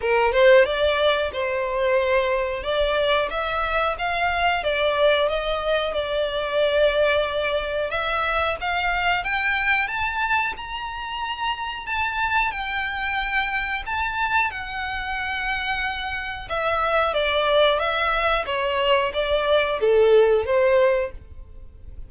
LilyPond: \new Staff \with { instrumentName = "violin" } { \time 4/4 \tempo 4 = 91 ais'8 c''8 d''4 c''2 | d''4 e''4 f''4 d''4 | dis''4 d''2. | e''4 f''4 g''4 a''4 |
ais''2 a''4 g''4~ | g''4 a''4 fis''2~ | fis''4 e''4 d''4 e''4 | cis''4 d''4 a'4 c''4 | }